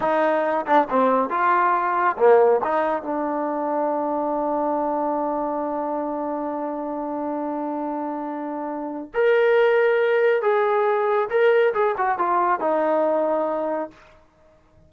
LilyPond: \new Staff \with { instrumentName = "trombone" } { \time 4/4 \tempo 4 = 138 dis'4. d'8 c'4 f'4~ | f'4 ais4 dis'4 d'4~ | d'1~ | d'1~ |
d'1~ | d'4 ais'2. | gis'2 ais'4 gis'8 fis'8 | f'4 dis'2. | }